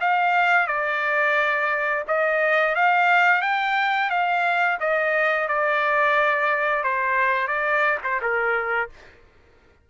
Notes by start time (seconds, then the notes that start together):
0.00 F5
0.67 D5
2.07 D#5
2.75 F5
3.41 G5
4.09 F5
4.80 D#5
5.48 D5
6.83 C5
7.47 D5
8.03 C5
8.21 A#4